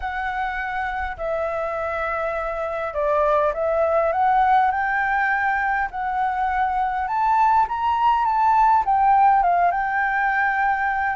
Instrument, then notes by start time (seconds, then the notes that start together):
flute
0.00 F#5
1.17 E5
2.93 D5
3.53 E5
4.12 F#5
4.71 G5
5.90 F#5
7.07 A5
7.68 A#5
8.25 A5
8.85 G5
9.43 F5
9.71 G5